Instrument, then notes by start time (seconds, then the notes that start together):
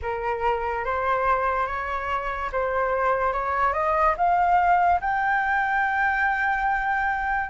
flute
0.02 A#4
0.84 C5
1.67 C#5
2.52 C5
3.32 C#5
3.73 D#5
4.17 F5
5.00 G5